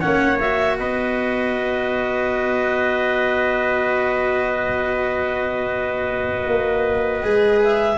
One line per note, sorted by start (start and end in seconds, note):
0.00 0.80 A#3
0.00 0.39 C#4
0.00 0.76 C#5
0.00 0.39 F#5
0.40 7.23 F#4
0.40 0.78 E5
0.79 6.48 B3
0.79 7.98 B4
0.79 7.62 D#5
6.48 7.24 A#3
7.23 7.98 G#3
7.23 7.98 G#4
7.64 7.98 E5